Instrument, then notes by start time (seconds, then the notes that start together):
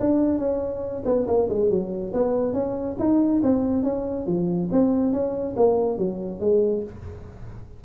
tuba
0.00 D4
0.39 C#4
1.05 B3
1.27 A#3
1.49 G#3
1.70 F#3
2.13 B3
2.53 C#4
2.99 D#4
3.43 C4
3.83 C#4
4.26 F3
4.72 C4
5.12 C#4
5.56 A#3
5.98 F#3
6.40 G#3